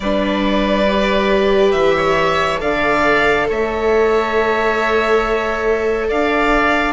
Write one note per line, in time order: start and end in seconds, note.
0.00 1.74 G3
0.00 0.88 D4
0.00 1.96 B4
0.00 1.71 D5
0.88 2.57 G4
1.71 2.61 E3
1.71 2.58 E5
1.96 2.60 C#5
2.57 3.48 D3
2.57 6.92 A4
2.57 3.47 D5
2.57 3.47 F5
3.49 6.11 A3
3.49 6.08 C#5
3.49 6.09 E5
6.08 6.93 D4
6.08 6.93 D5
6.08 6.93 F5